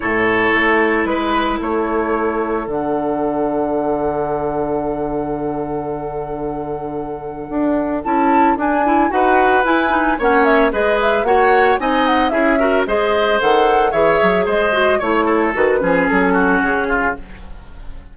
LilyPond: <<
  \new Staff \with { instrumentName = "flute" } { \time 4/4 \tempo 4 = 112 cis''2 b'4 cis''4~ | cis''4 fis''2.~ | fis''1~ | fis''2. a''4 |
gis''4 fis''4 gis''4 fis''8 e''8 | dis''8 e''8 fis''4 gis''8 fis''8 e''4 | dis''4 fis''4 e''4 dis''4 | cis''4 b'4 a'4 gis'4 | }
  \new Staff \with { instrumentName = "oboe" } { \time 4/4 a'2 b'4 a'4~ | a'1~ | a'1~ | a'1~ |
a'4 b'2 cis''4 | b'4 cis''4 dis''4 gis'8 ais'8 | c''2 cis''4 c''4 | cis''8 a'4 gis'4 fis'4 f'8 | }
  \new Staff \with { instrumentName = "clarinet" } { \time 4/4 e'1~ | e'4 d'2.~ | d'1~ | d'2. e'4 |
d'8 e'8 fis'4 e'8 dis'8 cis'4 | gis'4 fis'4 dis'4 e'8 fis'8 | gis'4 a'4 gis'4. fis'8 | e'4 fis'8 cis'2~ cis'8 | }
  \new Staff \with { instrumentName = "bassoon" } { \time 4/4 a,4 a4 gis4 a4~ | a4 d2.~ | d1~ | d2 d'4 cis'4 |
d'4 dis'4 e'4 ais4 | gis4 ais4 c'4 cis'4 | gis4 dis4 e8 fis8 gis4 | a4 dis8 f8 fis4 cis4 | }
>>